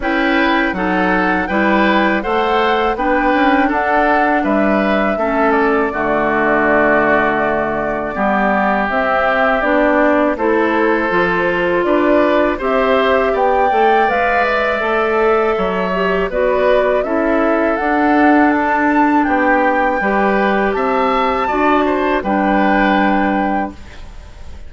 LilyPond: <<
  \new Staff \with { instrumentName = "flute" } { \time 4/4 \tempo 4 = 81 g''4 fis''4 g''4 fis''4 | g''4 fis''4 e''4. d''8~ | d''1 | e''4 d''4 c''2 |
d''4 e''4 g''4 f''8 e''8~ | e''2 d''4 e''4 | fis''4 a''4 g''2 | a''2 g''2 | }
  \new Staff \with { instrumentName = "oboe" } { \time 4/4 b'4 a'4 b'4 c''4 | b'4 a'4 b'4 a'4 | fis'2. g'4~ | g'2 a'2 |
b'4 c''4 d''2~ | d''4 cis''4 b'4 a'4~ | a'2 g'4 b'4 | e''4 d''8 c''8 b'2 | }
  \new Staff \with { instrumentName = "clarinet" } { \time 4/4 e'4 dis'4 e'4 a'4 | d'2. cis'4 | a2. b4 | c'4 d'4 e'4 f'4~ |
f'4 g'4. a'8 b'4 | a'4. g'8 fis'4 e'4 | d'2. g'4~ | g'4 fis'4 d'2 | }
  \new Staff \with { instrumentName = "bassoon" } { \time 4/4 cis'4 fis4 g4 a4 | b8 cis'8 d'4 g4 a4 | d2. g4 | c'4 b4 a4 f4 |
d'4 c'4 b8 a8 gis4 | a4 fis4 b4 cis'4 | d'2 b4 g4 | c'4 d'4 g2 | }
>>